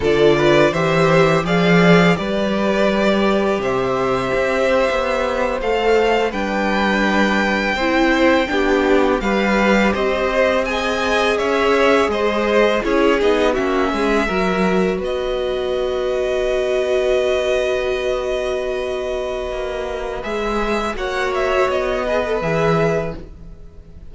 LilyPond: <<
  \new Staff \with { instrumentName = "violin" } { \time 4/4 \tempo 4 = 83 d''4 e''4 f''4 d''4~ | d''4 e''2~ e''8. f''16~ | f''8. g''2.~ g''16~ | g''8. f''4 dis''4 gis''4 e''16~ |
e''8. dis''4 cis''8 dis''8 e''4~ e''16~ | e''8. dis''2.~ dis''16~ | dis''1 | e''4 fis''8 e''8 dis''4 e''4 | }
  \new Staff \with { instrumentName = "violin" } { \time 4/4 a'8 b'8 c''4 d''4 b'4~ | b'4 c''2.~ | c''8. b'2 c''4 g'16~ | g'8. b'4 c''4 dis''4 cis''16~ |
cis''8. c''4 gis'4 fis'8 gis'8 ais'16~ | ais'8. b'2.~ b'16~ | b'1~ | b'4 cis''4. b'4. | }
  \new Staff \with { instrumentName = "viola" } { \time 4/4 f'4 g'4 gis'4 g'4~ | g'2.~ g'8. a'16~ | a'8. d'2 e'4 d'16~ | d'8. g'2 gis'4~ gis'16~ |
gis'4.~ gis'16 e'8 dis'8 cis'4 fis'16~ | fis'1~ | fis'1 | gis'4 fis'4. gis'16 a'16 gis'4 | }
  \new Staff \with { instrumentName = "cello" } { \time 4/4 d4 e4 f4 g4~ | g4 c4 c'8. b4 a16~ | a8. g2 c'4 b16~ | b8. g4 c'2 cis'16~ |
cis'8. gis4 cis'8 b8 ais8 gis8 fis16~ | fis8. b2.~ b16~ | b2. ais4 | gis4 ais4 b4 e4 | }
>>